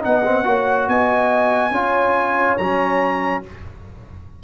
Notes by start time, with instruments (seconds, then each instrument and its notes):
0.00 tuba B3, trombone D#4, horn D#5, trumpet F#5
0.24 trombone C4
0.43 tuba A#3, trombone F#4, horn C#5
0.87 tuba B3, horn D#5, trumpet G#5
1.71 tuba C#4, trombone F4, horn C#5
2.57 tuba F#3, trombone C#4, trumpet A#5